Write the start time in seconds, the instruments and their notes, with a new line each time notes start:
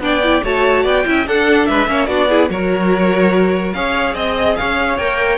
0.00 cello B3, viola D4, violin D5 G5
0.23 viola E4
0.43 cello A3, viola F#4, violin C#5 A5
0.84 cello B3, violin D5 G5
1.05 cello C#4, viola E4, violin E5
1.27 cello D4, viola D4, violin A4 F#5
1.66 cello G#3, violin B4 E5
1.87 cello A#3, viola C#4, violin C#5
2.06 cello B3, viola D4, violin F#4 D5
2.29 viola E4, violin G#4
2.49 cello F#3, viola F#4, violin A#4 C#5
3.73 cello C#4, viola G#4, violin C#5 F5
4.14 cello C4, violin D#5
4.57 cello C#4, violin C#5 F5
4.98 cello A#3, viola A#4, violin G5